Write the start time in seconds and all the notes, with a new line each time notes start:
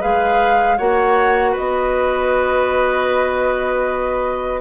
0.00 G#3 G#4 B4 F5
0.78 A#3 F#4 C#5 F#5
1.52 B4 D#5
1.59 B3